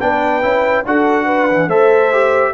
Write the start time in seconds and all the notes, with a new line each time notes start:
0.00 B3 D4 B4 G5
0.42 C#4 E4
0.86 D4 F#4 A4 F#5
1.25 B4
1.50 E3
1.67 A3 A4 C5 E5
2.13 G4